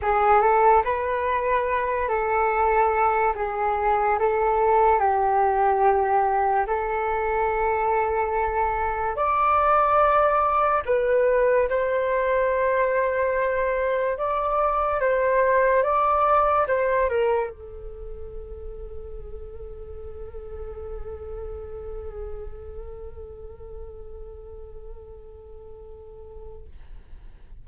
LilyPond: \new Staff \with { instrumentName = "flute" } { \time 4/4 \tempo 4 = 72 gis'8 a'8 b'4. a'4. | gis'4 a'4 g'2 | a'2. d''4~ | d''4 b'4 c''2~ |
c''4 d''4 c''4 d''4 | c''8 ais'8 a'2.~ | a'1~ | a'1 | }